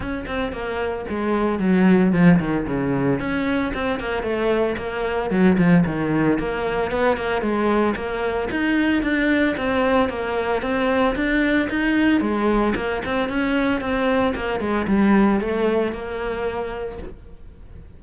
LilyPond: \new Staff \with { instrumentName = "cello" } { \time 4/4 \tempo 4 = 113 cis'8 c'8 ais4 gis4 fis4 | f8 dis8 cis4 cis'4 c'8 ais8 | a4 ais4 fis8 f8 dis4 | ais4 b8 ais8 gis4 ais4 |
dis'4 d'4 c'4 ais4 | c'4 d'4 dis'4 gis4 | ais8 c'8 cis'4 c'4 ais8 gis8 | g4 a4 ais2 | }